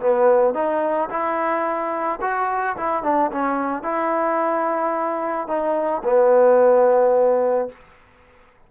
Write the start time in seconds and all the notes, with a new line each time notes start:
0.00 B3
0.54 D#4
1.10 E4
2.21 F#4
2.77 E4
3.03 D4
3.32 C#4
3.83 E4
5.47 D#4
6.04 B3